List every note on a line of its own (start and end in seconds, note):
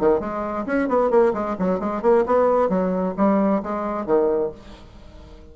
0.00 0.20 D#3
0.20 0.66 G#3
0.66 0.89 C#4
0.89 1.11 B3
1.11 1.33 A#3
1.34 1.57 G#3
1.59 1.80 F#3
1.80 2.02 G#3
2.02 2.25 A#3
2.26 2.69 B3
2.69 3.15 F#3
3.17 3.63 G3
3.63 4.06 G#3
4.06 4.52 D#3